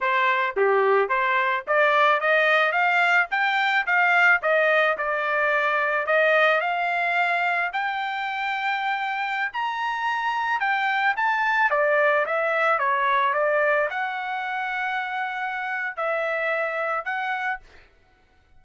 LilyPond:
\new Staff \with { instrumentName = "trumpet" } { \time 4/4 \tempo 4 = 109 c''4 g'4 c''4 d''4 | dis''4 f''4 g''4 f''4 | dis''4 d''2 dis''4 | f''2 g''2~ |
g''4~ g''16 ais''2 g''8.~ | g''16 a''4 d''4 e''4 cis''8.~ | cis''16 d''4 fis''2~ fis''8.~ | fis''4 e''2 fis''4 | }